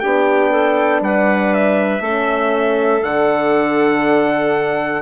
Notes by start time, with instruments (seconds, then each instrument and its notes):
0.00 bassoon B3, horn D4, clarinet G4, trumpet G5
0.51 clarinet A4
1.01 bassoon G3, clarinet B4, trumpet F#5
1.53 trumpet E5
2.00 bassoon A3, horn C#4, clarinet A4
3.03 bassoon D3, horn D4, trumpet F#5